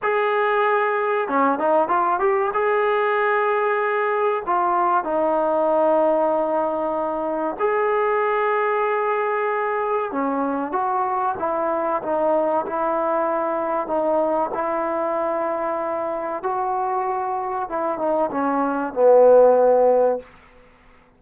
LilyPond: \new Staff \with { instrumentName = "trombone" } { \time 4/4 \tempo 4 = 95 gis'2 cis'8 dis'8 f'8 g'8 | gis'2. f'4 | dis'1 | gis'1 |
cis'4 fis'4 e'4 dis'4 | e'2 dis'4 e'4~ | e'2 fis'2 | e'8 dis'8 cis'4 b2 | }